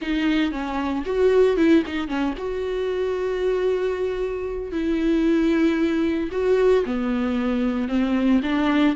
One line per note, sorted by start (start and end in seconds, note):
0.01 0.51 D#4
0.51 1.04 C#4
1.05 1.56 F#4
1.56 1.83 E4
1.86 2.07 D#4
2.07 2.34 C#4
2.37 4.72 F#4
4.72 6.29 E4
6.31 6.84 F#4
6.85 7.88 B3
7.88 8.41 C4
8.42 8.95 D4